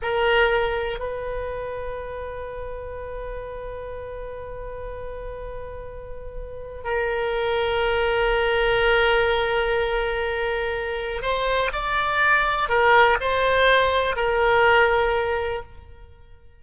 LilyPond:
\new Staff \with { instrumentName = "oboe" } { \time 4/4 \tempo 4 = 123 ais'2 b'2~ | b'1~ | b'1~ | b'2 ais'2~ |
ais'1~ | ais'2. c''4 | d''2 ais'4 c''4~ | c''4 ais'2. | }